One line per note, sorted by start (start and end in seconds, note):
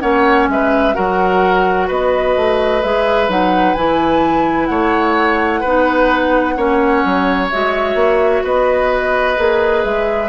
0.00 0.47 A#3
0.00 0.93 C#4
0.00 0.48 C#5
0.00 0.47 F#5
0.47 0.94 G#3
0.47 0.95 B4
0.47 0.94 E5
0.93 1.89 F#3
0.93 2.81 F#4
0.93 1.87 A#4
0.93 1.88 F#5
1.87 2.36 B3
1.87 4.68 B4
1.87 2.82 D#5
2.36 2.83 A3
2.82 3.28 G#3
2.82 3.28 G#4
2.82 3.29 E5
3.28 3.75 F#3
3.28 3.75 D#4
3.28 3.74 F#5
3.74 4.69 E3
3.74 5.65 E4
3.74 4.65 G#5
4.65 5.63 A3
4.65 5.60 C#5
4.65 7.47 F#5
5.60 6.56 B3
5.60 6.56 D#4
5.60 6.54 B4
6.56 7.03 A#3
6.56 7.50 C#4
6.56 8.43 C#5
7.04 7.51 F#3
7.50 7.94 G#3
7.50 9.36 F#4
7.50 8.44 E5
7.94 8.41 A#3
8.43 9.37 B3
8.43 10.28 B4
8.43 9.83 D#5
9.36 9.84 A#3
9.36 10.28 G#4
9.83 10.28 G#3
9.83 10.28 E5